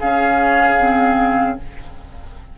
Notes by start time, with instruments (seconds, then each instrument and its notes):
0.00 bassoon C#3, clarinet C#4, oboe G#4, flute F5
0.79 clarinet C4